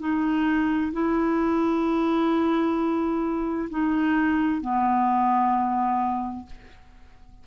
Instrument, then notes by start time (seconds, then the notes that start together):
clarinet
0.00 D#4
0.93 E4
3.70 D#4
4.62 B3